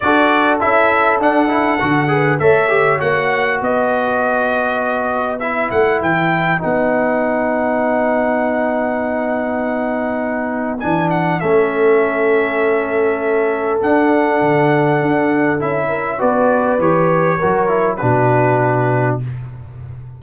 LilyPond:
<<
  \new Staff \with { instrumentName = "trumpet" } { \time 4/4 \tempo 4 = 100 d''4 e''4 fis''2 | e''4 fis''4 dis''2~ | dis''4 e''8 fis''8 g''4 fis''4~ | fis''1~ |
fis''2 gis''8 fis''8 e''4~ | e''2. fis''4~ | fis''2 e''4 d''4 | cis''2 b'2 | }
  \new Staff \with { instrumentName = "horn" } { \time 4/4 a'2.~ a'8 b'8 | cis''2 b'2~ | b'1~ | b'1~ |
b'2. a'4~ | a'1~ | a'2~ a'8 ais'8 b'4~ | b'4 ais'4 fis'2 | }
  \new Staff \with { instrumentName = "trombone" } { \time 4/4 fis'4 e'4 d'8 e'8 fis'8 gis'8 | a'8 g'8 fis'2.~ | fis'4 e'2 dis'4~ | dis'1~ |
dis'2 d'4 cis'4~ | cis'2. d'4~ | d'2 e'4 fis'4 | g'4 fis'8 e'8 d'2 | }
  \new Staff \with { instrumentName = "tuba" } { \time 4/4 d'4 cis'4 d'4 d4 | a4 ais4 b2~ | b4. a8 e4 b4~ | b1~ |
b2 e4 a4~ | a2. d'4 | d4 d'4 cis'4 b4 | e4 fis4 b,2 | }
>>